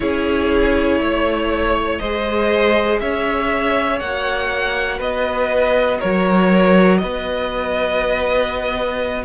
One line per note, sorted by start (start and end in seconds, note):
0.00 0.99 C#4
0.00 2.00 E4
0.00 1.01 G#4
0.00 1.98 C#5
0.99 1.99 A3
0.99 2.00 C#5
1.98 3.01 G#3
1.98 4.01 G#4
1.98 3.00 C5
1.98 2.98 D#5
2.99 4.00 C#4
2.99 4.97 C#5
2.99 3.99 E5
3.99 4.99 A#3
3.99 9.24 F#4
3.99 4.99 F#5
4.97 5.99 B3
4.97 5.97 B4
4.97 6.00 D#5
5.98 7.02 F#3
5.98 6.98 A#4
5.98 6.97 C#5
6.97 9.24 B3
6.97 9.24 B4
6.97 9.22 D#5